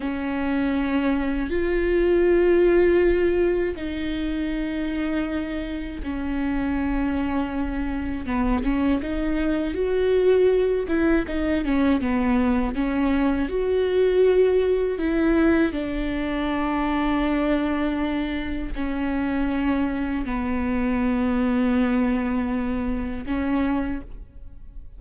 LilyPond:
\new Staff \with { instrumentName = "viola" } { \time 4/4 \tempo 4 = 80 cis'2 f'2~ | f'4 dis'2. | cis'2. b8 cis'8 | dis'4 fis'4. e'8 dis'8 cis'8 |
b4 cis'4 fis'2 | e'4 d'2.~ | d'4 cis'2 b4~ | b2. cis'4 | }